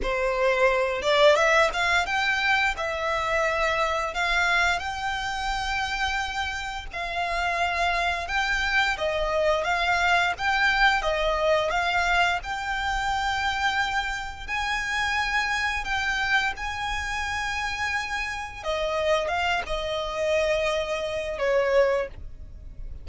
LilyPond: \new Staff \with { instrumentName = "violin" } { \time 4/4 \tempo 4 = 87 c''4. d''8 e''8 f''8 g''4 | e''2 f''4 g''4~ | g''2 f''2 | g''4 dis''4 f''4 g''4 |
dis''4 f''4 g''2~ | g''4 gis''2 g''4 | gis''2. dis''4 | f''8 dis''2~ dis''8 cis''4 | }